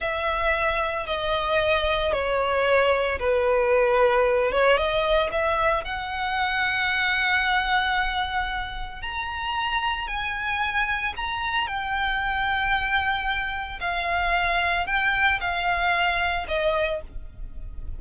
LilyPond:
\new Staff \with { instrumentName = "violin" } { \time 4/4 \tempo 4 = 113 e''2 dis''2 | cis''2 b'2~ | b'8 cis''8 dis''4 e''4 fis''4~ | fis''1~ |
fis''4 ais''2 gis''4~ | gis''4 ais''4 g''2~ | g''2 f''2 | g''4 f''2 dis''4 | }